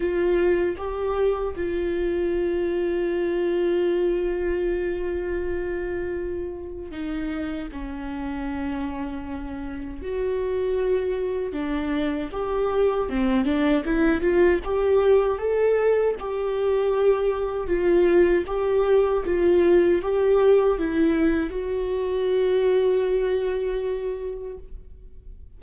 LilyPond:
\new Staff \with { instrumentName = "viola" } { \time 4/4 \tempo 4 = 78 f'4 g'4 f'2~ | f'1~ | f'4 dis'4 cis'2~ | cis'4 fis'2 d'4 |
g'4 c'8 d'8 e'8 f'8 g'4 | a'4 g'2 f'4 | g'4 f'4 g'4 e'4 | fis'1 | }